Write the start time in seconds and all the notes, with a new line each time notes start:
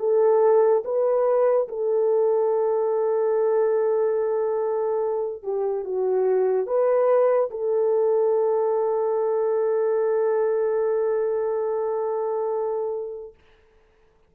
0.00 A4
0.85 B4
1.69 A4
5.44 G4
5.85 F#4
6.67 B4
7.51 A4